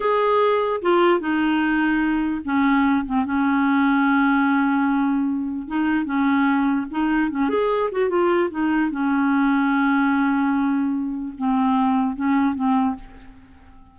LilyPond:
\new Staff \with { instrumentName = "clarinet" } { \time 4/4 \tempo 4 = 148 gis'2 f'4 dis'4~ | dis'2 cis'4. c'8 | cis'1~ | cis'2 dis'4 cis'4~ |
cis'4 dis'4 cis'8 gis'4 fis'8 | f'4 dis'4 cis'2~ | cis'1 | c'2 cis'4 c'4 | }